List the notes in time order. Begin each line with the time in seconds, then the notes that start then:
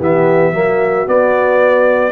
0.00 E3 B3 G4 E5
0.53 F#3 A#3 F#4
1.06 B3 D5